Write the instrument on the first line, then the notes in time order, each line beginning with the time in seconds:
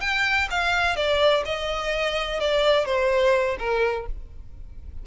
violin
0.00 G5
0.50 F5
0.96 D5
1.45 D#5
2.40 D5
2.85 C5
3.59 A#4